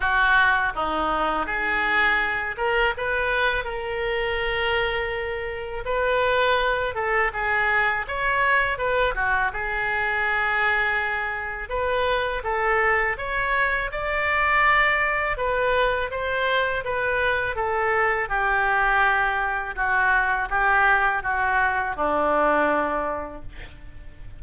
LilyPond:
\new Staff \with { instrumentName = "oboe" } { \time 4/4 \tempo 4 = 82 fis'4 dis'4 gis'4. ais'8 | b'4 ais'2. | b'4. a'8 gis'4 cis''4 | b'8 fis'8 gis'2. |
b'4 a'4 cis''4 d''4~ | d''4 b'4 c''4 b'4 | a'4 g'2 fis'4 | g'4 fis'4 d'2 | }